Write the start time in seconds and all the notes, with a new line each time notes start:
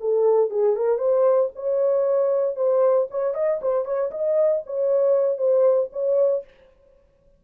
0.00 A4
0.50 G#4
0.76 A#4
0.98 C5
1.55 C#5
2.56 C5
3.10 C#5
3.34 D#5
3.62 C5
3.84 C#5
4.11 D#5
4.66 C#5
5.38 C5
5.92 C#5